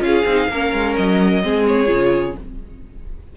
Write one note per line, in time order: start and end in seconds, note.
0.00 0.24 C#4
0.00 0.23 F4
0.00 0.95 F5
0.06 0.51 G#4
0.25 0.48 C4
0.25 0.51 D#4
0.49 0.72 A#3
0.49 1.42 C#4
0.49 1.43 A#4
0.73 0.96 G#3
0.97 1.44 F#3
0.97 1.66 D#5
1.42 1.89 G#3
1.42 1.87 C4
1.42 2.37 G#4
1.67 2.36 C#5
1.87 2.35 C#3
1.87 2.33 F4